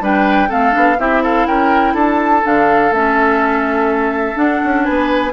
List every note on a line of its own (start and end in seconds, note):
0.00 0.48 G3
0.00 0.48 D4
0.00 0.48 B4
0.00 0.51 G5
0.48 0.75 A3
0.48 0.71 C4
0.48 0.97 A4
0.48 0.99 F5
0.71 0.98 B3
0.71 0.95 D4
0.98 1.46 C4
0.98 2.43 E4
0.98 1.22 G4
0.98 1.23 E5
1.22 1.47 A4
1.22 1.47 F5
1.46 1.94 C#4
1.46 1.94 A#4
1.46 1.95 G5
1.94 2.42 D4
1.94 4.84 A4
1.94 2.46 A5
2.43 2.91 D3
2.43 2.91 D4
2.43 2.93 F5
2.91 4.36 A3
2.91 4.34 C#4
2.91 4.37 E5
4.34 5.31 D4
4.34 4.60 D4
4.34 4.84 F#5
4.64 4.88 C#4
4.84 5.32 B3
4.84 5.32 B4
4.84 5.32 G#5